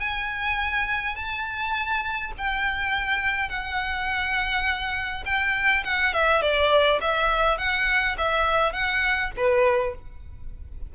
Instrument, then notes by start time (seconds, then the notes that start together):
violin
0.00 G#5
1.16 A5
2.38 G5
3.50 F#5
5.26 G5
5.85 F#5
6.14 E5
6.42 D5
7.01 E5
7.58 F#5
8.18 E5
8.73 F#5
9.37 B4